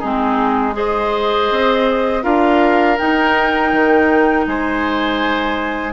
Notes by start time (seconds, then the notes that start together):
0.00 G#3 C4 D#4 G#4
0.73 G#4 C5 D#5
1.51 C4
2.23 D4 F4 A#4 F5
2.98 D#4 G5
3.72 D#3
4.47 G#3 C5 G#5